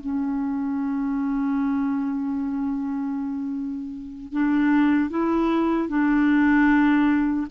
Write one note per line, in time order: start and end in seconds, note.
0.00 4.32 C#4
4.32 5.10 D4
5.10 5.89 E4
5.89 7.46 D4